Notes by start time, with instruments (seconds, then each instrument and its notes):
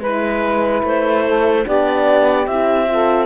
0.00 cello G#3, horn E4, clarinet B4, saxophone B4
0.83 cello A3, clarinet C5
1.27 saxophone A4
1.65 cello B3, horn D4, saxophone G4, clarinet D5
2.46 cello C4, horn E4, clarinet E5
2.87 horn F4, saxophone A4